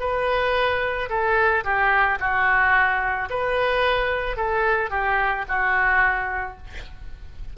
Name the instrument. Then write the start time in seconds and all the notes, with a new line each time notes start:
oboe
0.00 B4
1.10 A4
1.64 G4
2.20 F#4
3.30 B4
4.37 A4
4.90 G4
5.48 F#4